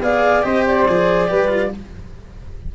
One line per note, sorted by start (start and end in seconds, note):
0.00 0.43 B3
0.00 0.42 G#4
0.00 0.45 D5
0.00 0.42 F5
0.42 0.87 C4
0.42 0.86 G4
0.42 1.28 C5
0.42 0.64 D#5
0.66 1.74 D5
0.87 1.31 F3
0.87 1.27 G#4
1.27 1.74 G3
1.27 1.47 G4
1.27 1.71 B4
1.47 1.69 F4